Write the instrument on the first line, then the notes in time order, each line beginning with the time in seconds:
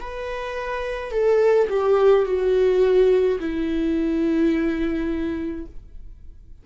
viola
0.00 B4
1.11 A4
1.69 G4
2.25 F#4
3.40 E4